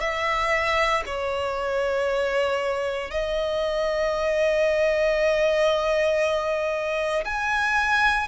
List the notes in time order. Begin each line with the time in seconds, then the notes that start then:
0.00 E5
1.06 C#5
3.11 D#5
7.25 G#5